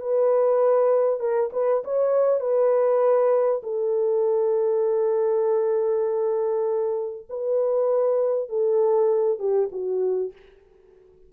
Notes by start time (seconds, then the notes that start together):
0.00 B4
1.20 A#4
1.52 B4
1.84 C#5
2.40 B4
3.63 A4
7.29 B4
8.49 A4
9.39 G4
9.72 F#4